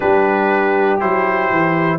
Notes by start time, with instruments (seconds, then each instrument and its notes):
0.00 tuba G3, trombone D4, horn G4, trumpet B4
1.00 tuba F#3, trombone E4, trumpet C5
1.50 tuba E3